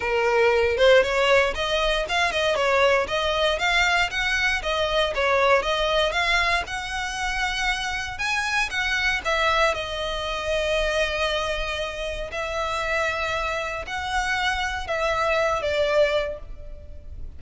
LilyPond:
\new Staff \with { instrumentName = "violin" } { \time 4/4 \tempo 4 = 117 ais'4. c''8 cis''4 dis''4 | f''8 dis''8 cis''4 dis''4 f''4 | fis''4 dis''4 cis''4 dis''4 | f''4 fis''2. |
gis''4 fis''4 e''4 dis''4~ | dis''1 | e''2. fis''4~ | fis''4 e''4. d''4. | }